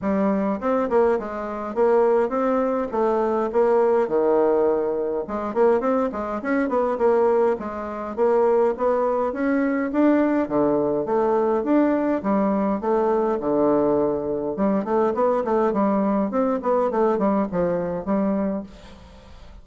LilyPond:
\new Staff \with { instrumentName = "bassoon" } { \time 4/4 \tempo 4 = 103 g4 c'8 ais8 gis4 ais4 | c'4 a4 ais4 dis4~ | dis4 gis8 ais8 c'8 gis8 cis'8 b8 | ais4 gis4 ais4 b4 |
cis'4 d'4 d4 a4 | d'4 g4 a4 d4~ | d4 g8 a8 b8 a8 g4 | c'8 b8 a8 g8 f4 g4 | }